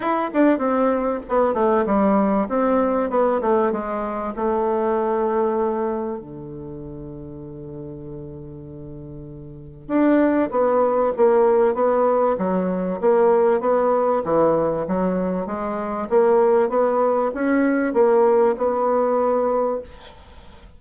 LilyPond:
\new Staff \with { instrumentName = "bassoon" } { \time 4/4 \tempo 4 = 97 e'8 d'8 c'4 b8 a8 g4 | c'4 b8 a8 gis4 a4~ | a2 d2~ | d1 |
d'4 b4 ais4 b4 | fis4 ais4 b4 e4 | fis4 gis4 ais4 b4 | cis'4 ais4 b2 | }